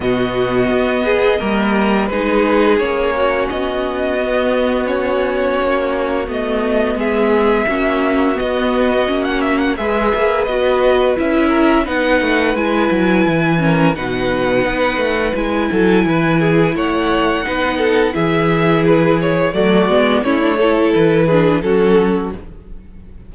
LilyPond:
<<
  \new Staff \with { instrumentName = "violin" } { \time 4/4 \tempo 4 = 86 dis''2. b'4 | cis''4 dis''2 cis''4~ | cis''4 dis''4 e''2 | dis''4~ dis''16 fis''16 e''16 fis''16 e''4 dis''4 |
e''4 fis''4 gis''2 | fis''2 gis''2 | fis''2 e''4 b'8 cis''8 | d''4 cis''4 b'4 a'4 | }
  \new Staff \with { instrumentName = "violin" } { \time 4/4 fis'4. gis'8 ais'4 gis'4~ | gis'8 fis'2.~ fis'8~ | fis'2 gis'4 fis'4~ | fis'2 b'2~ |
b'8 ais'8 b'2~ b'8 ais'8 | b'2~ b'8 a'8 b'8 gis'8 | cis''4 b'8 a'8 gis'2 | fis'4 e'8 a'4 gis'8 fis'4 | }
  \new Staff \with { instrumentName = "viola" } { \time 4/4 b2 ais4 dis'4 | cis'2 b4 cis'4~ | cis'4 b2 cis'4 | b4 cis'4 gis'4 fis'4 |
e'4 dis'4 e'4. cis'8 | dis'2 e'2~ | e'4 dis'4 e'2 | a8 b8 cis'16 d'16 e'4 d'8 cis'4 | }
  \new Staff \with { instrumentName = "cello" } { \time 4/4 b,4 b4 g4 gis4 | ais4 b2. | ais4 a4 gis4 ais4 | b4 ais4 gis8 ais8 b4 |
cis'4 b8 a8 gis8 fis8 e4 | b,4 b8 a8 gis8 fis8 e4 | a4 b4 e2 | fis8 gis8 a4 e4 fis4 | }
>>